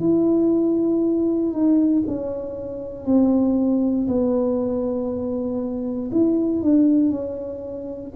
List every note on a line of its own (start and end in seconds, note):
0.00 1.52 E4
1.52 2.03 D#4
2.07 3.05 C#4
3.05 4.07 C4
4.08 6.11 B3
6.12 6.62 E4
6.62 7.10 D4
7.10 8.12 C#4